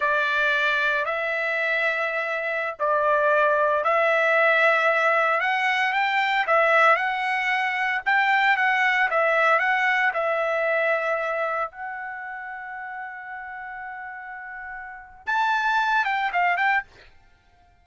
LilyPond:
\new Staff \with { instrumentName = "trumpet" } { \time 4/4 \tempo 4 = 114 d''2 e''2~ | e''4~ e''16 d''2 e''8.~ | e''2~ e''16 fis''4 g''8.~ | g''16 e''4 fis''2 g''8.~ |
g''16 fis''4 e''4 fis''4 e''8.~ | e''2~ e''16 fis''4.~ fis''16~ | fis''1~ | fis''4 a''4. g''8 f''8 g''8 | }